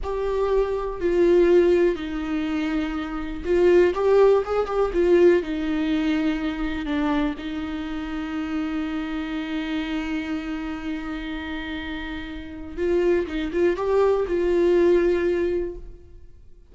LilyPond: \new Staff \with { instrumentName = "viola" } { \time 4/4 \tempo 4 = 122 g'2 f'2 | dis'2. f'4 | g'4 gis'8 g'8 f'4 dis'4~ | dis'2 d'4 dis'4~ |
dis'1~ | dis'1~ | dis'2 f'4 dis'8 f'8 | g'4 f'2. | }